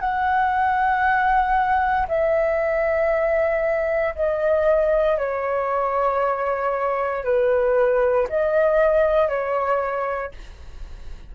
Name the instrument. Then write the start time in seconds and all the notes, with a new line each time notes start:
flute
0.00 F#5
2.08 E5
4.15 D#5
5.18 C#5
7.24 B4
8.29 D#5
9.29 C#5